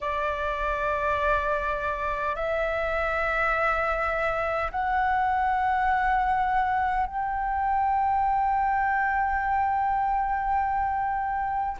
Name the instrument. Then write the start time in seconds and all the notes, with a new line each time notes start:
flute
0.01 D5
2.35 E5
4.71 F#5
7.06 G5